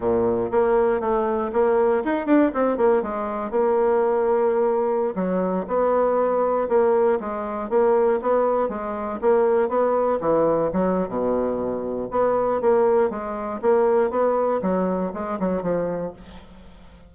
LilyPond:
\new Staff \with { instrumentName = "bassoon" } { \time 4/4 \tempo 4 = 119 ais,4 ais4 a4 ais4 | dis'8 d'8 c'8 ais8 gis4 ais4~ | ais2~ ais16 fis4 b8.~ | b4~ b16 ais4 gis4 ais8.~ |
ais16 b4 gis4 ais4 b8.~ | b16 e4 fis8. b,2 | b4 ais4 gis4 ais4 | b4 fis4 gis8 fis8 f4 | }